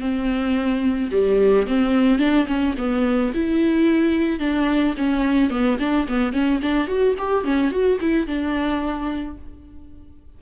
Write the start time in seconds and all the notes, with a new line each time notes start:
0.00 C4
1.11 G3
1.67 C4
2.19 D4
2.47 C#4
2.78 B3
3.34 E4
4.39 D4
4.97 C#4
5.50 B3
5.79 D4
6.08 B3
6.33 C#4
6.62 D4
6.88 F#4
7.18 G4
7.44 C#4
7.71 F#4
8.00 E4
8.27 D4